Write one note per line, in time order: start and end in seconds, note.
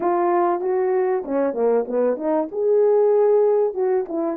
0.00 0.61 F4
0.61 1.23 F#4
1.24 1.53 C#4
1.53 1.85 A#3
1.88 2.16 B3
2.16 2.47 D#4
2.51 3.74 G#4
3.74 4.05 F#4
4.08 4.37 E4